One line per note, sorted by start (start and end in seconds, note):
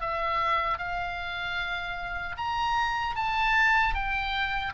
0.00 0.78 E5
0.78 2.36 F5
2.37 3.15 A#5
3.15 3.94 A5
3.94 4.73 G5